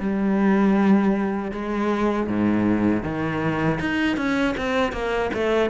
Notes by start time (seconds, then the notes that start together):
0.00 G3
1.52 G#3
2.27 G#2
3.03 D#3
3.80 D#4
4.17 C#4
4.57 C4
4.93 A#3
5.34 A3